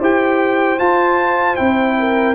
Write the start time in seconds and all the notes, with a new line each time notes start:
0.00 E4 G4 C5 G5
0.79 F4 A5
1.56 C4 E4 G5
2.00 A#4